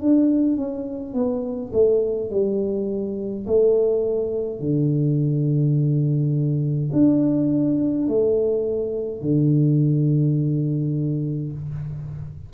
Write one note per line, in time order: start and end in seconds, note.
0.00 0.56 D4
0.56 1.13 C#4
1.13 1.71 B3
1.73 2.30 A3
2.30 3.46 G3
3.46 4.59 A3
4.59 6.90 D3
6.92 8.07 D4
8.07 9.21 A3
9.21 11.52 D3